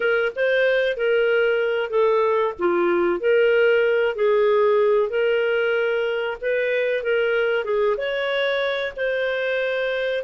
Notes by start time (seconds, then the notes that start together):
0.00 A#4
0.35 C5
0.96 A#4
1.89 A4
2.58 F4
3.20 A#4
4.15 G#4
5.09 A#4
6.41 B4
7.03 A#4
7.64 G#4
7.97 C#5
8.96 C5